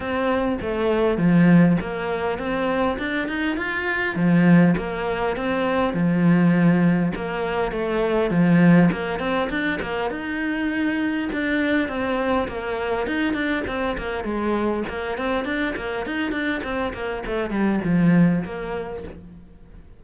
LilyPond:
\new Staff \with { instrumentName = "cello" } { \time 4/4 \tempo 4 = 101 c'4 a4 f4 ais4 | c'4 d'8 dis'8 f'4 f4 | ais4 c'4 f2 | ais4 a4 f4 ais8 c'8 |
d'8 ais8 dis'2 d'4 | c'4 ais4 dis'8 d'8 c'8 ais8 | gis4 ais8 c'8 d'8 ais8 dis'8 d'8 | c'8 ais8 a8 g8 f4 ais4 | }